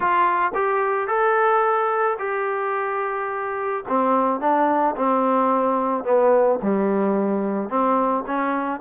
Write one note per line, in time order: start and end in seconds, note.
0.00 0.52 F4
0.54 1.07 G4
1.07 2.17 A4
2.18 3.83 G4
3.88 4.40 C4
4.40 4.95 D4
4.95 6.04 C4
6.04 6.59 B3
6.62 7.69 G3
7.69 8.24 C4
8.26 8.80 C#4